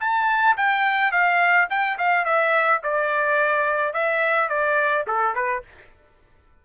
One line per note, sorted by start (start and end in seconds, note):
0.00 0.56 A5
0.57 1.12 G5
1.12 1.68 F5
1.70 1.98 G5
1.98 2.25 F5
2.25 2.81 E5
2.83 3.94 D5
3.94 4.49 E5
4.49 5.05 D5
5.07 5.35 A4
5.35 5.63 B4